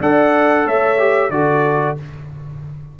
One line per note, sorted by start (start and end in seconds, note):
0.00 0.65 D4
0.00 0.98 A4
0.00 0.65 D5
0.00 0.67 F#5
0.65 1.30 A3
0.65 1.30 C#5
0.65 1.31 E5
0.98 1.31 G4
1.30 1.95 D3
1.30 1.97 F#4
1.30 1.99 A4
1.30 1.96 D5